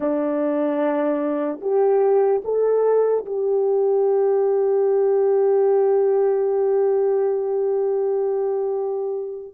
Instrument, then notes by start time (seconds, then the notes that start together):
horn
0.00 D4
1.61 G4
2.44 A4
3.25 G4